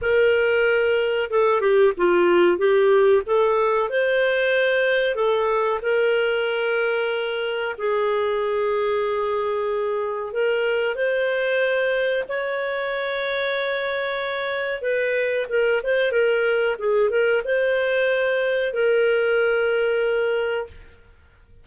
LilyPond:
\new Staff \with { instrumentName = "clarinet" } { \time 4/4 \tempo 4 = 93 ais'2 a'8 g'8 f'4 | g'4 a'4 c''2 | a'4 ais'2. | gis'1 |
ais'4 c''2 cis''4~ | cis''2. b'4 | ais'8 c''8 ais'4 gis'8 ais'8 c''4~ | c''4 ais'2. | }